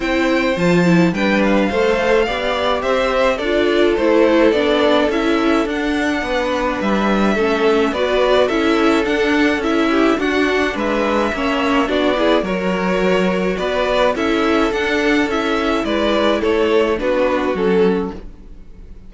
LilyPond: <<
  \new Staff \with { instrumentName = "violin" } { \time 4/4 \tempo 4 = 106 g''4 a''4 g''8 f''4.~ | f''4 e''4 d''4 c''4 | d''4 e''4 fis''2 | e''2 d''4 e''4 |
fis''4 e''4 fis''4 e''4~ | e''4 d''4 cis''2 | d''4 e''4 fis''4 e''4 | d''4 cis''4 b'4 a'4 | }
  \new Staff \with { instrumentName = "violin" } { \time 4/4 c''2 b'4 c''4 | d''4 c''4 a'2~ | a'2. b'4~ | b'4 a'4 b'4 a'4~ |
a'4. g'8 fis'4 b'4 | cis''4 fis'8 gis'8 ais'2 | b'4 a'2. | b'4 a'4 fis'2 | }
  \new Staff \with { instrumentName = "viola" } { \time 4/4 e'4 f'8 e'8 d'4 a'4 | g'2 f'4 e'4 | d'4 e'4 d'2~ | d'4 cis'4 fis'4 e'4 |
d'4 e'4 d'2 | cis'4 d'8 e'8 fis'2~ | fis'4 e'4 d'4 e'4~ | e'2 d'4 cis'4 | }
  \new Staff \with { instrumentName = "cello" } { \time 4/4 c'4 f4 g4 a4 | b4 c'4 d'4 a4 | b4 cis'4 d'4 b4 | g4 a4 b4 cis'4 |
d'4 cis'4 d'4 gis4 | ais4 b4 fis2 | b4 cis'4 d'4 cis'4 | gis4 a4 b4 fis4 | }
>>